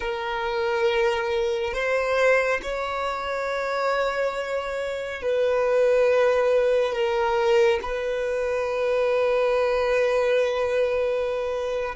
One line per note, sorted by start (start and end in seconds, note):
0.00 1.73 A#4
1.73 2.60 C5
2.62 5.22 C#5
5.22 6.92 B4
6.92 7.79 A#4
7.82 11.95 B4